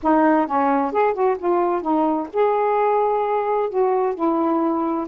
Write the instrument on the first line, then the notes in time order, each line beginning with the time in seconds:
saxophone
0.03 D#4
0.47 C#4
0.91 G#4
1.13 F#4
1.38 F4
1.81 D#4
2.33 G#4
3.69 F#4
4.14 E4